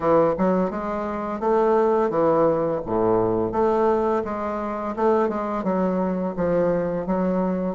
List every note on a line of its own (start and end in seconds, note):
0.00 0.34 E3
0.38 0.70 F#3
0.70 1.40 G#3
1.40 2.10 A3
2.10 2.80 E3
2.86 3.52 A2
3.52 4.22 A3
4.24 4.95 G#3
4.96 5.28 A3
5.28 5.63 G#3
5.63 6.34 F#3
6.36 7.06 F3
7.06 7.75 F#3